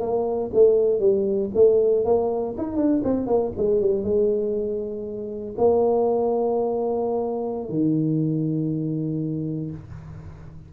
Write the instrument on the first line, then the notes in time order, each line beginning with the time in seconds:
tuba
0.00 A#3
0.54 A3
1.00 G3
1.54 A3
2.05 A#3
2.58 D#4
2.77 D4
3.04 C4
3.27 A#3
3.57 G#3
3.81 G3
4.04 G#3
5.58 A#3
7.69 D#3